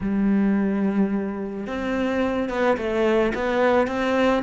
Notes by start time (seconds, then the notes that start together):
0.00 G3
1.66 C4
2.49 B3
2.77 A3
3.34 B3
3.87 C4